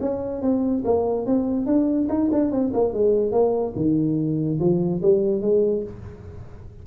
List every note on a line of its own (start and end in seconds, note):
0.00 0.41 C#4
0.41 0.83 C4
0.84 1.26 A#3
1.26 1.66 C4
1.66 2.07 D4
2.08 2.29 D#4
2.31 2.51 D4
2.51 2.72 C4
2.73 2.93 A#3
2.93 3.31 G#3
3.31 3.73 A#3
3.76 4.59 D#3
4.59 5.01 F3
5.02 5.41 G3
5.41 5.83 G#3